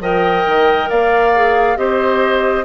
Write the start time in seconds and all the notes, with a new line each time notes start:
0.00 F3 A#4 D#5 G5
0.46 D#3
0.89 A#3 D5 F5
1.34 G#4
1.76 C4 G4 C5 D#5